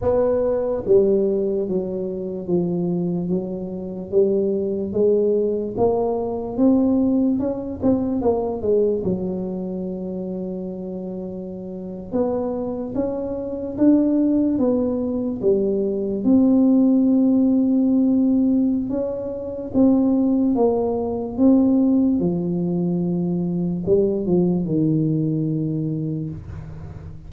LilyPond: \new Staff \with { instrumentName = "tuba" } { \time 4/4 \tempo 4 = 73 b4 g4 fis4 f4 | fis4 g4 gis4 ais4 | c'4 cis'8 c'8 ais8 gis8 fis4~ | fis2~ fis8. b4 cis'16~ |
cis'8. d'4 b4 g4 c'16~ | c'2. cis'4 | c'4 ais4 c'4 f4~ | f4 g8 f8 dis2 | }